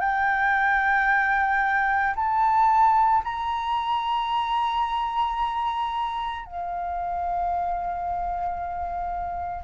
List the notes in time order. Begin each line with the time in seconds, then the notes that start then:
0.00 G5
2.16 A5
3.24 A#5
6.45 F5